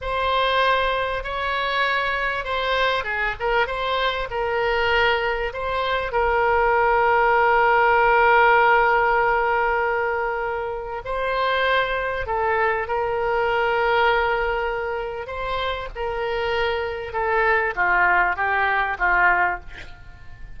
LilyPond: \new Staff \with { instrumentName = "oboe" } { \time 4/4 \tempo 4 = 98 c''2 cis''2 | c''4 gis'8 ais'8 c''4 ais'4~ | ais'4 c''4 ais'2~ | ais'1~ |
ais'2 c''2 | a'4 ais'2.~ | ais'4 c''4 ais'2 | a'4 f'4 g'4 f'4 | }